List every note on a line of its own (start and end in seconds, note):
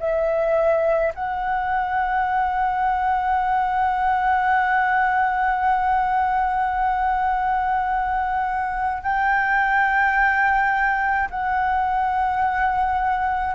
0.00 1.13 E5
1.15 9.03 F#5
9.03 11.29 G5
11.31 13.55 F#5